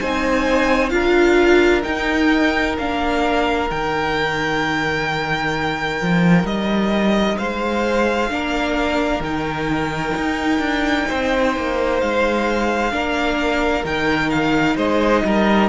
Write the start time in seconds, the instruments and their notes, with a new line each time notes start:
0.00 cello C4, viola D#4, violin C5 G#5
0.90 cello D4, viola F4, violin A#4 F5
1.83 viola D#4, cello D#4, violin G5
2.78 cello A#3, viola D4, violin F5
3.70 cello D#3, viola D#4, violin G5
6.02 cello F3
6.44 cello G3, violin D#5
7.38 cello G#3, violin C5 F5
8.31 cello A#3, viola D4, violin A#4
9.20 cello D#3, viola D#4, violin G5
10.17 cello D#4
10.59 cello D4
11.09 cello C4, violin C5
11.57 cello A#3
12.00 cello G#3, violin F5
12.92 cello A#3, viola D4, violin A#4
13.85 cello D#3, viola D#4, violin G5
14.30 violin F5
14.77 cello G#3, violin C5 D#5
15.25 cello G3, violin A#4